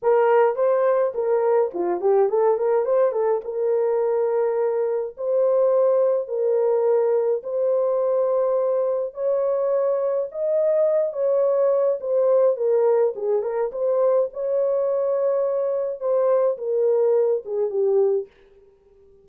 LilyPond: \new Staff \with { instrumentName = "horn" } { \time 4/4 \tempo 4 = 105 ais'4 c''4 ais'4 f'8 g'8 | a'8 ais'8 c''8 a'8 ais'2~ | ais'4 c''2 ais'4~ | ais'4 c''2. |
cis''2 dis''4. cis''8~ | cis''4 c''4 ais'4 gis'8 ais'8 | c''4 cis''2. | c''4 ais'4. gis'8 g'4 | }